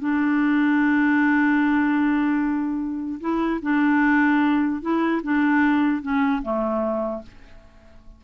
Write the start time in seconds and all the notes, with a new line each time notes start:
0.00 D4
3.21 E4
3.62 D4
4.82 E4
5.24 D4
6.02 C#4
6.43 A3